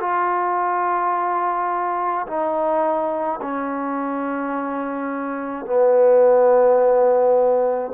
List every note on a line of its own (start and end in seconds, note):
0.00 2.26 F4
2.27 3.40 D#4
3.42 5.66 C#4
5.66 7.92 B3